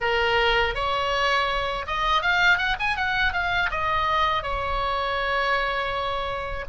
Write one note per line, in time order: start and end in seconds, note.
0.00 0.74 A#4
0.74 1.86 C#5
1.87 2.22 D#5
2.22 2.57 F5
2.57 2.76 F#5
2.79 2.96 G#5
2.96 3.32 F#5
3.32 3.69 F5
3.70 4.42 D#5
4.42 6.65 C#5